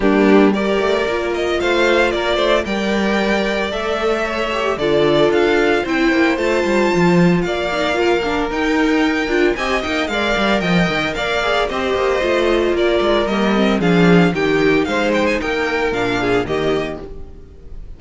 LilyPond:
<<
  \new Staff \with { instrumentName = "violin" } { \time 4/4 \tempo 4 = 113 g'4 d''4. dis''8 f''4 | d''4 g''2 e''4~ | e''4 d''4 f''4 g''4 | a''2 f''2 |
g''2 gis''8 g''8 f''4 | g''4 f''4 dis''2 | d''4 dis''4 f''4 g''4 | f''8 g''16 gis''16 g''4 f''4 dis''4 | }
  \new Staff \with { instrumentName = "violin" } { \time 4/4 d'4 ais'2 c''4 | ais'8 c''8 d''2. | cis''4 a'2 c''4~ | c''2 d''4 ais'4~ |
ais'2 dis''4 d''4 | dis''4 d''4 c''2 | ais'2 gis'4 g'4 | c''4 ais'4. gis'8 g'4 | }
  \new Staff \with { instrumentName = "viola" } { \time 4/4 ais4 g'4 f'2~ | f'4 ais'2 a'4~ | a'8 g'8 f'2 e'4 | f'2~ f'8 dis'8 f'8 d'8 |
dis'4. f'8 g'8 dis'8 ais'4~ | ais'4. gis'8 g'4 f'4~ | f'4 ais8 c'8 d'4 dis'4~ | dis'2 d'4 ais4 | }
  \new Staff \with { instrumentName = "cello" } { \time 4/4 g4. a8 ais4 a4 | ais8 a8 g2 a4~ | a4 d4 d'4 c'8 ais8 | a8 g8 f4 ais2 |
dis'4. d'8 c'8 ais8 gis8 g8 | f8 dis8 ais4 c'8 ais8 a4 | ais8 gis8 g4 f4 dis4 | gis4 ais4 ais,4 dis4 | }
>>